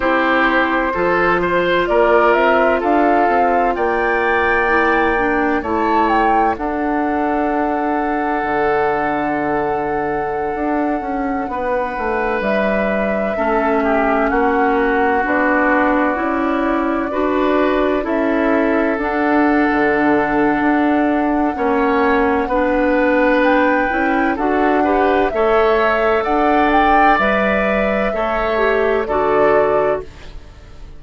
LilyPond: <<
  \new Staff \with { instrumentName = "flute" } { \time 4/4 \tempo 4 = 64 c''2 d''8 e''8 f''4 | g''2 a''8 g''8 fis''4~ | fis''1~ | fis''4~ fis''16 e''2 fis''8.~ |
fis''16 d''2. e''8.~ | e''16 fis''2.~ fis''8.~ | fis''4 g''4 fis''4 e''4 | fis''8 g''8 e''2 d''4 | }
  \new Staff \with { instrumentName = "oboe" } { \time 4/4 g'4 a'8 c''8 ais'4 a'4 | d''2 cis''4 a'4~ | a'1~ | a'16 b'2 a'8 g'8 fis'8.~ |
fis'2~ fis'16 b'4 a'8.~ | a'2. cis''4 | b'2 a'8 b'8 cis''4 | d''2 cis''4 a'4 | }
  \new Staff \with { instrumentName = "clarinet" } { \time 4/4 e'4 f'2.~ | f'4 e'8 d'8 e'4 d'4~ | d'1~ | d'2~ d'16 cis'4.~ cis'16~ |
cis'16 d'4 e'4 fis'4 e'8.~ | e'16 d'2~ d'8. cis'4 | d'4. e'8 fis'8 g'8 a'4~ | a'4 b'4 a'8 g'8 fis'4 | }
  \new Staff \with { instrumentName = "bassoon" } { \time 4/4 c'4 f4 ais8 c'8 d'8 c'8 | ais2 a4 d'4~ | d'4 d2~ d16 d'8 cis'16~ | cis'16 b8 a8 g4 a4 ais8.~ |
ais16 b4 cis'4 d'4 cis'8.~ | cis'16 d'8. d4 d'4 ais4 | b4. cis'8 d'4 a4 | d'4 g4 a4 d4 | }
>>